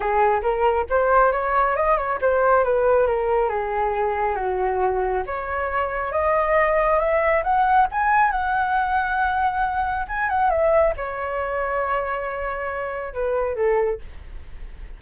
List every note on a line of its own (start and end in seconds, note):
0.00 0.41 G#4
0.42 0.86 A#4
0.89 1.32 C5
1.32 1.75 C#5
1.75 1.97 D#5
1.97 2.19 C#5
2.21 2.64 C5
2.64 3.06 B4
3.06 3.49 A#4
3.49 4.35 G#4
4.35 5.23 F#4
5.26 6.12 C#5
6.12 6.99 D#5
6.99 7.42 E5
7.43 7.87 F#5
7.91 8.31 G#5
8.31 10.06 F#5
10.08 10.29 G#5
10.29 10.49 F#5
10.49 10.93 E5
10.96 13.13 C#5
13.13 13.55 B4
13.55 13.99 A4